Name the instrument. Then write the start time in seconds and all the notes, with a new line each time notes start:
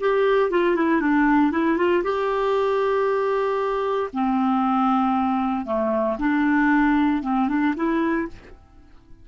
clarinet
0.00 G4
0.51 F4
0.76 E4
1.01 D4
1.52 E4
1.78 F4
2.04 G4
4.14 C4
5.66 A3
6.19 D4
7.22 C4
7.49 D4
7.76 E4